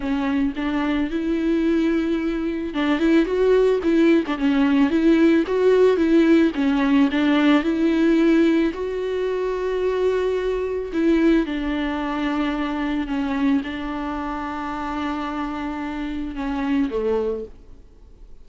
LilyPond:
\new Staff \with { instrumentName = "viola" } { \time 4/4 \tempo 4 = 110 cis'4 d'4 e'2~ | e'4 d'8 e'8 fis'4 e'8. d'16 | cis'4 e'4 fis'4 e'4 | cis'4 d'4 e'2 |
fis'1 | e'4 d'2. | cis'4 d'2.~ | d'2 cis'4 a4 | }